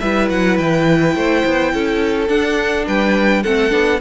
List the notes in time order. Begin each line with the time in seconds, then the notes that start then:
0.00 G3 E4 B4 E5
0.29 F#3 F#5
0.58 E3 G5
1.15 A3 C5
1.45 B3
1.74 C#4 A4
2.28 D4 F#5
2.87 G3 B4 G5
3.43 A3 C4 A4 F#5
3.70 B3 D4